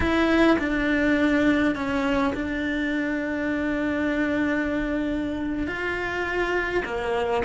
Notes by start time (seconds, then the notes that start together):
0.00 E4
0.59 D4
1.75 C#4
2.34 D4
5.67 F4
6.85 A#3